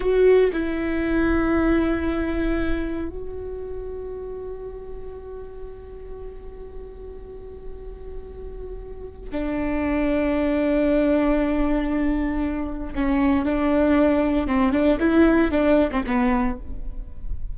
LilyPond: \new Staff \with { instrumentName = "viola" } { \time 4/4 \tempo 4 = 116 fis'4 e'2.~ | e'2 fis'2~ | fis'1~ | fis'1~ |
fis'2 d'2~ | d'1~ | d'4 cis'4 d'2 | c'8 d'8 e'4 d'8. c'16 b4 | }